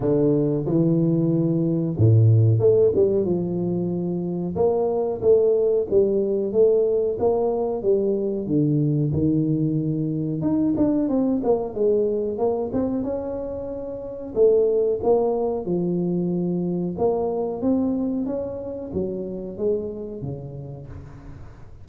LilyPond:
\new Staff \with { instrumentName = "tuba" } { \time 4/4 \tempo 4 = 92 d4 e2 a,4 | a8 g8 f2 ais4 | a4 g4 a4 ais4 | g4 d4 dis2 |
dis'8 d'8 c'8 ais8 gis4 ais8 c'8 | cis'2 a4 ais4 | f2 ais4 c'4 | cis'4 fis4 gis4 cis4 | }